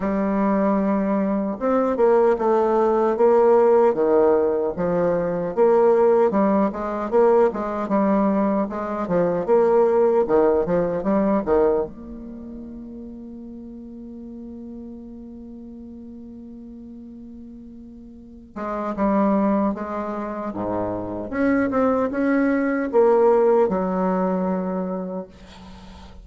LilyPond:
\new Staff \with { instrumentName = "bassoon" } { \time 4/4 \tempo 4 = 76 g2 c'8 ais8 a4 | ais4 dis4 f4 ais4 | g8 gis8 ais8 gis8 g4 gis8 f8 | ais4 dis8 f8 g8 dis8 ais4~ |
ais1~ | ais2.~ ais8 gis8 | g4 gis4 gis,4 cis'8 c'8 | cis'4 ais4 fis2 | }